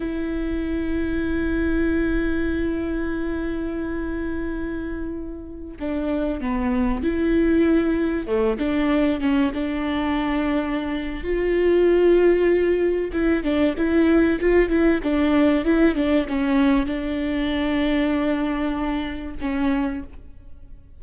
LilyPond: \new Staff \with { instrumentName = "viola" } { \time 4/4 \tempo 4 = 96 e'1~ | e'1~ | e'4~ e'16 d'4 b4 e'8.~ | e'4~ e'16 a8 d'4 cis'8 d'8.~ |
d'2 f'2~ | f'4 e'8 d'8 e'4 f'8 e'8 | d'4 e'8 d'8 cis'4 d'4~ | d'2. cis'4 | }